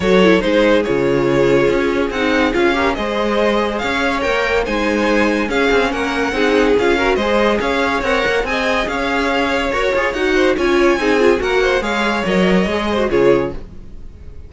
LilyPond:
<<
  \new Staff \with { instrumentName = "violin" } { \time 4/4 \tempo 4 = 142 cis''4 c''4 cis''2~ | cis''4 fis''4 f''4 dis''4~ | dis''4 f''4 g''4 gis''4~ | gis''4 f''4 fis''2 |
f''4 dis''4 f''4 fis''4 | gis''4 f''2 cis''4 | fis''4 gis''2 fis''4 | f''4 dis''2 cis''4 | }
  \new Staff \with { instrumentName = "violin" } { \time 4/4 a'4 gis'2.~ | gis'2~ gis'8 ais'8 c''4~ | c''4 cis''2 c''4~ | c''4 gis'4 ais'4 gis'4~ |
gis'8 ais'8 c''4 cis''2 | dis''4 cis''2.~ | cis''8 c''8 cis''4 gis'4 ais'8 c''8 | cis''2~ cis''8 c''8 gis'4 | }
  \new Staff \with { instrumentName = "viola" } { \time 4/4 fis'8 e'8 dis'4 f'2~ | f'4 dis'4 f'8 g'8 gis'4~ | gis'2 ais'4 dis'4~ | dis'4 cis'2 dis'4 |
f'8 fis'8 gis'2 ais'4 | gis'2. ais'8 gis'8 | fis'4 f'4 dis'8 f'8 fis'4 | gis'4 ais'4 gis'8. fis'16 f'4 | }
  \new Staff \with { instrumentName = "cello" } { \time 4/4 fis4 gis4 cis2 | cis'4 c'4 cis'4 gis4~ | gis4 cis'4 ais4 gis4~ | gis4 cis'8 c'8 ais4 c'4 |
cis'4 gis4 cis'4 c'8 ais8 | c'4 cis'2 fis'8 f'8 | dis'4 cis'4 c'4 ais4 | gis4 fis4 gis4 cis4 | }
>>